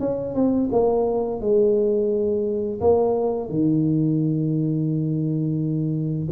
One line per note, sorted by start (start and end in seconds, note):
0.00 0.35 C#4
0.35 0.70 C4
0.72 1.41 A#3
1.41 2.81 G#3
2.81 3.49 A#3
3.49 6.28 D#3